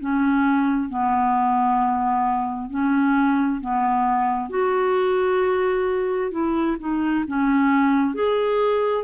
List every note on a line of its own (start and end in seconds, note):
0.00 0.89 C#4
0.89 2.70 B3
2.70 3.61 C#4
3.61 4.50 B3
4.50 6.31 F#4
6.31 6.77 E4
6.79 7.25 D#4
7.28 8.14 C#4
8.14 9.04 G#4